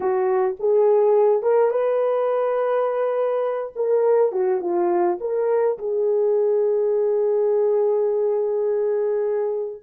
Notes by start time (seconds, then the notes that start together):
0.00 F#4
0.59 G#4
1.42 A#4
1.70 B4
3.75 A#4
4.32 F#4
4.60 F4
5.20 A#4
5.78 G#4